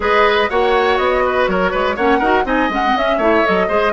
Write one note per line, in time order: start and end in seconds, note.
0.00 0.48 G#3
0.00 0.49 G#4
0.00 0.50 B4
0.00 0.49 D#5
0.49 0.98 A#3
0.49 1.97 F#4
0.49 1.24 C#5
0.49 0.97 F#5
0.97 1.47 B3
0.97 1.46 D#5
1.25 1.49 B4
1.47 1.72 F#3
1.47 1.71 A#4
1.47 1.96 C#5
1.71 1.97 G#3
1.71 1.95 B4
1.96 2.21 A#3
1.96 2.22 C#4
1.96 2.18 C#5
1.96 2.45 F#5
2.18 2.44 D#4
2.18 2.44 F#4
2.18 2.43 A#4
2.44 2.69 C4
2.44 2.69 D#4
2.44 3.17 D#5
2.44 2.71 G#5
2.69 2.94 G#3
2.69 2.84 C#4
2.69 2.97 F#5
2.86 2.96 C4
2.95 3.18 C#4
2.95 3.20 C#4
2.95 3.46 E5
3.17 3.42 A3
3.17 3.45 E4
3.17 3.66 C#5
3.45 3.69 F#3
3.45 3.69 A4
3.45 3.92 D#5
3.68 3.92 G#3
3.68 3.92 G#4
3.68 3.92 C5